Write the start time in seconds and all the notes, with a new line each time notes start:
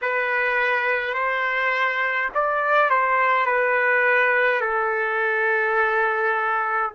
0.01 B4
1.14 C5
2.34 D5
2.90 C5
3.46 B4
4.60 A4